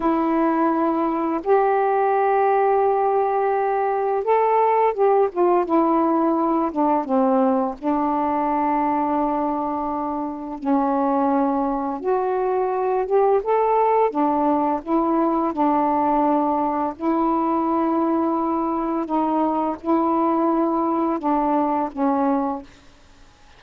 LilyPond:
\new Staff \with { instrumentName = "saxophone" } { \time 4/4 \tempo 4 = 85 e'2 g'2~ | g'2 a'4 g'8 f'8 | e'4. d'8 c'4 d'4~ | d'2. cis'4~ |
cis'4 fis'4. g'8 a'4 | d'4 e'4 d'2 | e'2. dis'4 | e'2 d'4 cis'4 | }